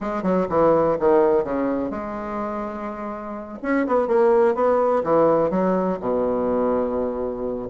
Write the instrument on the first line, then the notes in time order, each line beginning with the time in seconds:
bassoon
0.00 G#3
0.23 F#3
0.49 E3
0.99 D#3
1.44 C#3
1.90 G#3
3.62 C#4
3.86 B3
4.07 A#3
4.54 B3
5.03 E3
5.50 F#3
6.00 B2